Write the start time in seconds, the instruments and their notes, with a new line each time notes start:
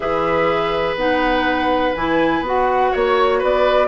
0.00 bassoon E3, clarinet G#4, oboe B4, flute E5
0.95 bassoon B3, clarinet D#4, flute F#5
1.94 bassoon E3, clarinet E4, flute G#5
2.40 bassoon B3, clarinet F#4
2.47 flute F#5
2.91 bassoon A#3, oboe C#5, flute C#5
3.38 bassoon B3, oboe B4, flute D5